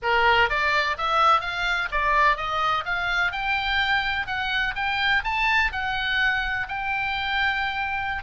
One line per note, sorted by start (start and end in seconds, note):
0.02 0.49 A#4
0.49 0.97 D5
0.97 1.40 E5
1.40 1.88 F5
1.91 2.36 D5
2.36 2.84 D#5
2.85 3.32 F5
3.32 4.26 G5
4.26 4.74 F#5
4.75 5.23 G5
5.24 5.71 A5
5.71 6.67 F#5
6.68 8.23 G5